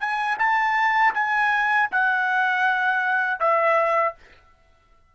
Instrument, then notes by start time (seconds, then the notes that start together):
trumpet
0.00 G#5
0.39 A5
1.14 G#5
1.91 F#5
3.40 E5